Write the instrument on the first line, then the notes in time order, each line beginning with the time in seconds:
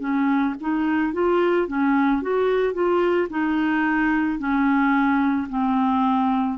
clarinet
0.00 C#4
0.61 D#4
1.13 F4
1.68 C#4
2.22 F#4
2.74 F4
3.30 D#4
4.39 C#4
5.49 C4